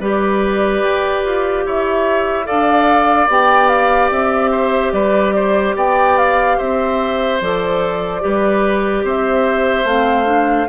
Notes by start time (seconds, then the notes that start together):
0.00 G3 G4 B4 D5
0.82 G4
1.25 F4
1.66 E4 C#5 E5
2.45 D4 A4 D5 F5
3.29 B3 G4 G5
3.69 F5
4.11 C4 E5
4.51 C5
4.92 G3 B4 D5
5.35 C5
5.76 B3 D5 G5
6.18 F5
6.58 C4 C5 E5
7.41 F3 A4 D5
8.21 G3 G4 B4
9.04 C4 C5 E5
9.84 A3 C4 F5
10.26 D4